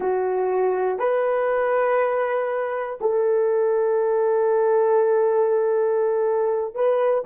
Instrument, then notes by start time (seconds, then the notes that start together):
horn
0.00 F#4
0.98 B4
3.00 A4
6.74 B4